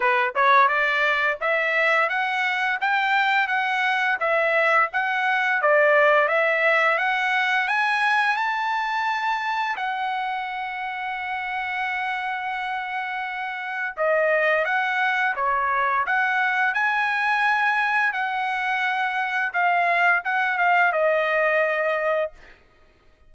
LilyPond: \new Staff \with { instrumentName = "trumpet" } { \time 4/4 \tempo 4 = 86 b'8 cis''8 d''4 e''4 fis''4 | g''4 fis''4 e''4 fis''4 | d''4 e''4 fis''4 gis''4 | a''2 fis''2~ |
fis''1 | dis''4 fis''4 cis''4 fis''4 | gis''2 fis''2 | f''4 fis''8 f''8 dis''2 | }